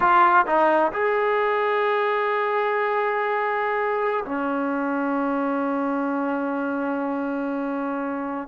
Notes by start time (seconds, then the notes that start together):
0.00 F4
0.46 D#4
0.92 G#4
4.25 C#4